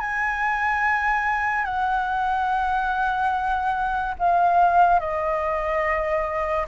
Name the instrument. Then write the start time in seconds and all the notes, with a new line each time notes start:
flute
0.00 G#5
1.65 F#5
4.19 F5
5.00 D#5